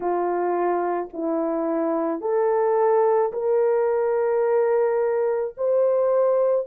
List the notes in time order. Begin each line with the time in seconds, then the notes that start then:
0.00 F4
1.13 E4
2.20 A4
3.32 A#4
5.57 C5